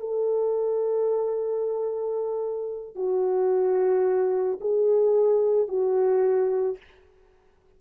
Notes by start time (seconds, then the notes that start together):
0.00 A4
2.96 F#4
4.61 G#4
5.68 F#4